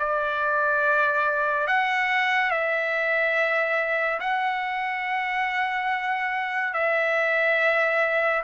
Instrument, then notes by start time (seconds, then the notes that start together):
trumpet
0.00 D5
1.68 F#5
2.51 E5
4.20 F#5
6.74 E5